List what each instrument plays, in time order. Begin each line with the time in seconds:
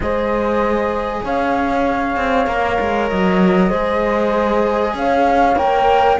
0.00 cello G#3 G#4, horn C5, flute D#5
1.24 cello C#4, horn C#5, flute F5
2.16 cello C4
2.46 cello A#3 A#4
2.80 cello G#3
3.09 cello F#3, flute D#5
3.69 cello G#3 G#4, horn C5
4.94 cello C#4, horn C#5, flute F5
5.55 cello A#3 A#4, flute G5